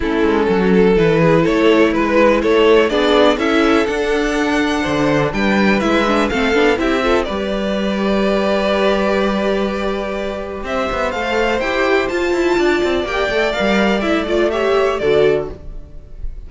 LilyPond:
<<
  \new Staff \with { instrumentName = "violin" } { \time 4/4 \tempo 4 = 124 a'2 b'4 cis''4 | b'4 cis''4 d''4 e''4 | fis''2. g''4 | e''4 f''4 e''4 d''4~ |
d''1~ | d''2 e''4 f''4 | g''4 a''2 g''4 | f''4 e''8 d''8 e''4 d''4 | }
  \new Staff \with { instrumentName = "violin" } { \time 4/4 e'4 fis'8 a'4 gis'8 a'4 | b'4 a'4 gis'4 a'4~ | a'2 c''4 b'4~ | b'4 a'4 g'8 a'8 b'4~ |
b'1~ | b'2 c''2~ | c''2 d''2~ | d''2 cis''4 a'4 | }
  \new Staff \with { instrumentName = "viola" } { \time 4/4 cis'2 e'2~ | e'2 d'4 e'4 | d'1 | e'8 d'8 c'8 d'8 e'8 f'8 g'4~ |
g'1~ | g'2. a'4 | g'4 f'2 g'8 a'8 | ais'4 e'8 f'8 g'4 fis'4 | }
  \new Staff \with { instrumentName = "cello" } { \time 4/4 a8 gis8 fis4 e4 a4 | gis4 a4 b4 cis'4 | d'2 d4 g4 | gis4 a8 b8 c'4 g4~ |
g1~ | g2 c'8 b8 a4 | e'4 f'8 e'8 d'8 c'8 ais8 a8 | g4 a2 d4 | }
>>